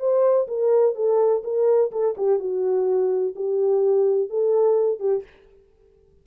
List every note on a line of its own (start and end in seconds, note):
0.00 0.48 C5
0.48 0.96 A#4
0.96 1.43 A4
1.44 1.92 A#4
1.92 2.16 A4
2.18 2.40 G4
2.40 3.35 F#4
3.36 4.30 G4
4.30 5.00 A4
5.00 5.24 G4